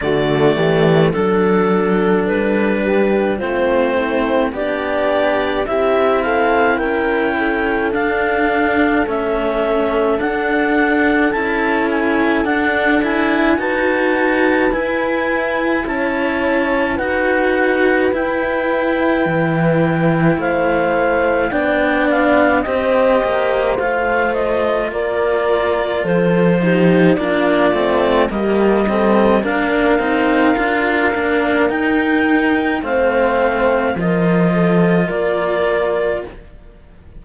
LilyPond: <<
  \new Staff \with { instrumentName = "clarinet" } { \time 4/4 \tempo 4 = 53 d''4 a'4 b'4 c''4 | d''4 e''8 f''8 g''4 f''4 | e''4 fis''4 a''8 gis''8 fis''8 gis''8 | a''4 gis''4 a''4 fis''4 |
g''2 f''4 g''8 f''8 | dis''4 f''8 dis''8 d''4 c''4 | d''4 dis''4 f''2 | g''4 f''4 dis''4 d''4 | }
  \new Staff \with { instrumentName = "horn" } { \time 4/4 fis'8 g'8 a'4. g'8 f'8 e'8 | d'4 g'8 a'8 ais'8 a'4.~ | a'1 | b'2 cis''4 b'4~ |
b'2 c''4 d''4 | c''2 ais'4 a'8 g'8 | f'4 g'8 a'8 ais'2~ | ais'4 c''4 ais'8 a'8 ais'4 | }
  \new Staff \with { instrumentName = "cello" } { \time 4/4 a4 d'2 c'4 | g'4 e'2 d'4 | cis'4 d'4 e'4 d'8 e'8 | fis'4 e'2 fis'4 |
e'2. d'4 | g'4 f'2~ f'8 dis'8 | d'8 c'8 ais8 c'8 d'8 dis'8 f'8 d'8 | dis'4 c'4 f'2 | }
  \new Staff \with { instrumentName = "cello" } { \time 4/4 d8 e8 fis4 g4 a4 | b4 c'4 cis'4 d'4 | a4 d'4 cis'4 d'4 | dis'4 e'4 cis'4 dis'4 |
e'4 e4 a4 b4 | c'8 ais8 a4 ais4 f4 | ais8 a8 g4 ais8 c'8 d'8 ais8 | dis'4 a4 f4 ais4 | }
>>